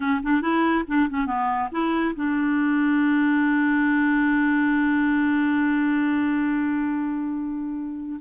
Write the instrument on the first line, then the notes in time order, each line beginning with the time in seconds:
clarinet
0.00 C#4
0.23 D4
0.41 E4
0.87 D4
1.09 C#4
1.25 B3
1.71 E4
2.15 D4